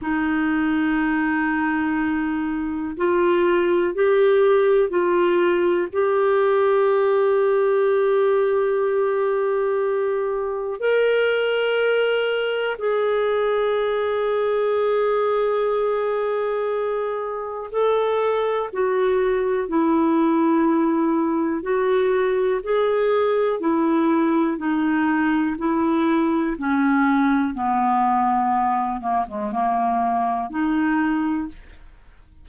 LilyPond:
\new Staff \with { instrumentName = "clarinet" } { \time 4/4 \tempo 4 = 61 dis'2. f'4 | g'4 f'4 g'2~ | g'2. ais'4~ | ais'4 gis'2.~ |
gis'2 a'4 fis'4 | e'2 fis'4 gis'4 | e'4 dis'4 e'4 cis'4 | b4. ais16 gis16 ais4 dis'4 | }